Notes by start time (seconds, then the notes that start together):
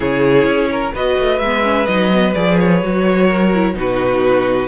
0.00 C#3 E4 G#4 C#5
0.44 C#4
0.71 A#4
0.94 B3 F#4 B4 D#5
1.19 A3
1.39 G#3 B3 E5
1.62 C#4
1.86 F#3 D#4 D#5
2.12 B3
2.34 F3 G#4 D5
2.59 C#5
2.81 F#3 F#4
3.27 A#4
3.54 E4
3.73 B2 D#4 F#4 B4